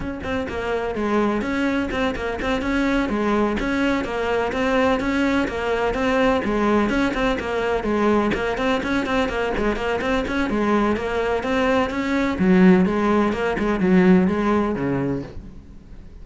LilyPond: \new Staff \with { instrumentName = "cello" } { \time 4/4 \tempo 4 = 126 cis'8 c'8 ais4 gis4 cis'4 | c'8 ais8 c'8 cis'4 gis4 cis'8~ | cis'8 ais4 c'4 cis'4 ais8~ | ais8 c'4 gis4 cis'8 c'8 ais8~ |
ais8 gis4 ais8 c'8 cis'8 c'8 ais8 | gis8 ais8 c'8 cis'8 gis4 ais4 | c'4 cis'4 fis4 gis4 | ais8 gis8 fis4 gis4 cis4 | }